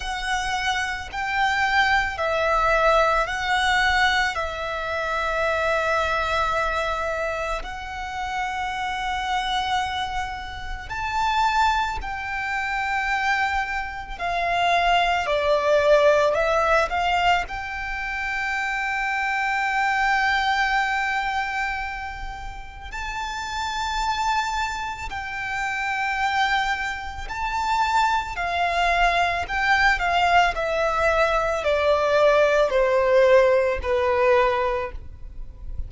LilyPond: \new Staff \with { instrumentName = "violin" } { \time 4/4 \tempo 4 = 55 fis''4 g''4 e''4 fis''4 | e''2. fis''4~ | fis''2 a''4 g''4~ | g''4 f''4 d''4 e''8 f''8 |
g''1~ | g''4 a''2 g''4~ | g''4 a''4 f''4 g''8 f''8 | e''4 d''4 c''4 b'4 | }